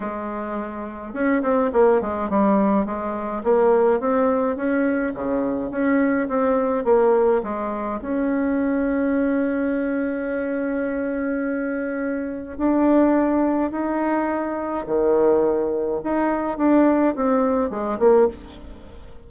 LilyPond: \new Staff \with { instrumentName = "bassoon" } { \time 4/4 \tempo 4 = 105 gis2 cis'8 c'8 ais8 gis8 | g4 gis4 ais4 c'4 | cis'4 cis4 cis'4 c'4 | ais4 gis4 cis'2~ |
cis'1~ | cis'2 d'2 | dis'2 dis2 | dis'4 d'4 c'4 gis8 ais8 | }